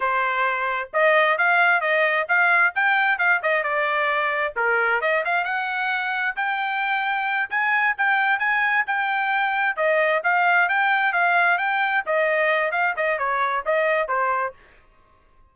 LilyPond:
\new Staff \with { instrumentName = "trumpet" } { \time 4/4 \tempo 4 = 132 c''2 dis''4 f''4 | dis''4 f''4 g''4 f''8 dis''8 | d''2 ais'4 dis''8 f''8 | fis''2 g''2~ |
g''8 gis''4 g''4 gis''4 g''8~ | g''4. dis''4 f''4 g''8~ | g''8 f''4 g''4 dis''4. | f''8 dis''8 cis''4 dis''4 c''4 | }